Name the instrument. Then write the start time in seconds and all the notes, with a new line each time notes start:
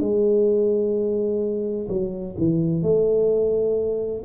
tuba
0.00 G#3
1.88 F#3
2.38 E3
2.82 A3